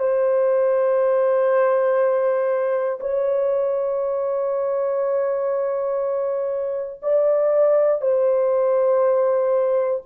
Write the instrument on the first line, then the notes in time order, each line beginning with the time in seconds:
horn
0.00 C5
3.01 C#5
7.03 D5
8.02 C5